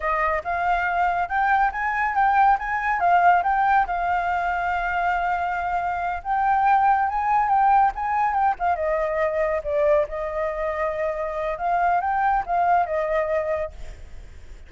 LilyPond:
\new Staff \with { instrumentName = "flute" } { \time 4/4 \tempo 4 = 140 dis''4 f''2 g''4 | gis''4 g''4 gis''4 f''4 | g''4 f''2.~ | f''2~ f''8 g''4.~ |
g''8 gis''4 g''4 gis''4 g''8 | f''8 dis''2 d''4 dis''8~ | dis''2. f''4 | g''4 f''4 dis''2 | }